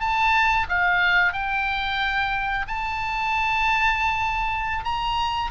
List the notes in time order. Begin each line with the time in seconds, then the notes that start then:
0.00 A5
0.69 F5
1.33 G5
2.68 A5
4.84 A#5